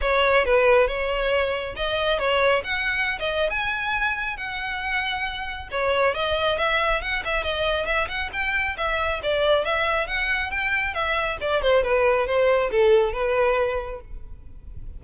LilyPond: \new Staff \with { instrumentName = "violin" } { \time 4/4 \tempo 4 = 137 cis''4 b'4 cis''2 | dis''4 cis''4 fis''4~ fis''16 dis''8. | gis''2 fis''2~ | fis''4 cis''4 dis''4 e''4 |
fis''8 e''8 dis''4 e''8 fis''8 g''4 | e''4 d''4 e''4 fis''4 | g''4 e''4 d''8 c''8 b'4 | c''4 a'4 b'2 | }